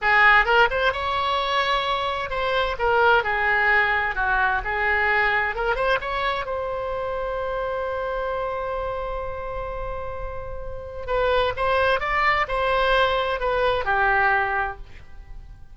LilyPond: \new Staff \with { instrumentName = "oboe" } { \time 4/4 \tempo 4 = 130 gis'4 ais'8 c''8 cis''2~ | cis''4 c''4 ais'4 gis'4~ | gis'4 fis'4 gis'2 | ais'8 c''8 cis''4 c''2~ |
c''1~ | c''1 | b'4 c''4 d''4 c''4~ | c''4 b'4 g'2 | }